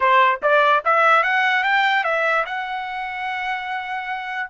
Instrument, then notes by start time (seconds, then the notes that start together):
trumpet
0.00 C5
0.42 D5
0.84 E5
1.23 F#5
1.63 G5
2.03 E5
2.45 F#5